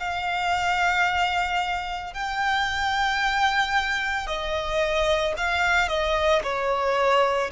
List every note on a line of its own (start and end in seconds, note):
0.00 2.14 F5
2.14 4.27 G5
4.27 5.34 D#5
5.38 5.89 F5
5.89 6.42 D#5
6.43 7.50 C#5